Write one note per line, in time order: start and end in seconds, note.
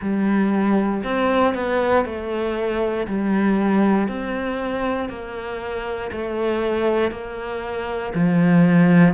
0.01 1.03 G3
1.03 1.54 C4
1.54 2.05 B3
2.05 3.06 A3
3.07 4.08 G3
4.08 5.08 C4
5.08 6.10 A#3
6.11 7.11 A3
7.11 8.13 A#3
8.14 9.14 F3